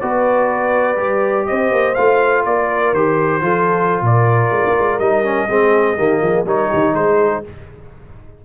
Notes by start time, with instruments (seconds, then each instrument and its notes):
0.00 tuba B3, trombone F#4, horn B4, trumpet D5
0.97 tuba G3, trombone G4
1.46 tuba C4, horn C5, trumpet D#5
1.72 tuba A#3
1.95 tuba A3, trombone F4, trumpet F5
2.46 tuba A#3, horn A#4, trumpet D5
2.93 tuba D#3, trombone G4, trumpet C5
3.42 tuba F3, trombone F4, horn A4
4.02 tuba A#2, horn A#4, trumpet D5
4.51 tuba G#3
4.67 tuba A#3
4.79 tuba G#3
4.99 tuba G3, trombone D#4, trumpet D#5
5.24 trombone C#4
5.49 tuba G#3, trombone C4, horn G#4
5.97 tuba D#3, trombone A#3, horn G4
6.21 tuba F3, horn G#4
6.45 tuba G3, trombone D#4, horn A#4, trumpet C#5
6.69 tuba D#3, horn G4
6.94 tuba G#3, horn G#4, trumpet C5